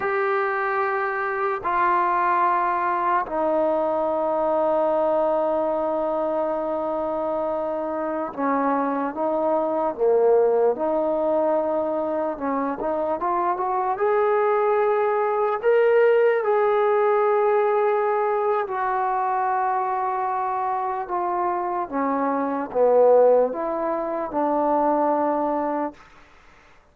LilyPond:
\new Staff \with { instrumentName = "trombone" } { \time 4/4 \tempo 4 = 74 g'2 f'2 | dis'1~ | dis'2~ dis'16 cis'4 dis'8.~ | dis'16 ais4 dis'2 cis'8 dis'16~ |
dis'16 f'8 fis'8 gis'2 ais'8.~ | ais'16 gis'2~ gis'8. fis'4~ | fis'2 f'4 cis'4 | b4 e'4 d'2 | }